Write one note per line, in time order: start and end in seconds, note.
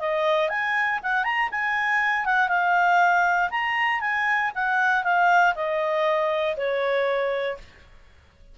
0.00 0.49 D#5
0.49 1.00 G#5
1.03 1.24 F#5
1.24 1.49 A#5
1.51 2.25 G#5
2.25 2.49 F#5
2.49 3.50 F5
3.51 4.01 A#5
4.01 4.51 G#5
4.55 5.04 F#5
5.04 5.54 F5
5.55 6.56 D#5
6.57 7.58 C#5